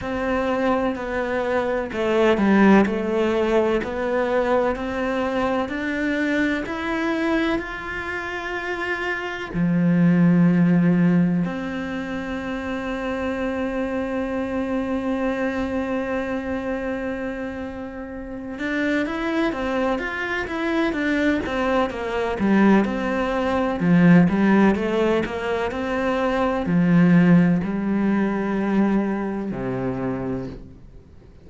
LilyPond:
\new Staff \with { instrumentName = "cello" } { \time 4/4 \tempo 4 = 63 c'4 b4 a8 g8 a4 | b4 c'4 d'4 e'4 | f'2 f2 | c'1~ |
c'2.~ c'8 d'8 | e'8 c'8 f'8 e'8 d'8 c'8 ais8 g8 | c'4 f8 g8 a8 ais8 c'4 | f4 g2 c4 | }